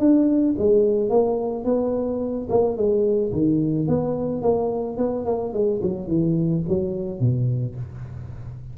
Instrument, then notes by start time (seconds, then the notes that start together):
tuba
0.00 D4
0.59 G#3
1.10 A#3
1.65 B3
2.50 A#3
2.77 G#3
3.33 D#3
3.88 B3
4.42 A#3
4.98 B3
5.26 A#3
5.54 G#3
5.83 F#3
6.08 E3
6.69 F#3
7.20 B2